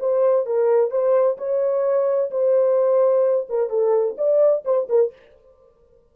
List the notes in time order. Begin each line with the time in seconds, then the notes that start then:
0.00 C5
0.47 A#4
0.91 C5
1.38 C#5
2.31 C5
3.50 A#4
3.70 A4
4.18 D5
4.65 C5
4.90 A#4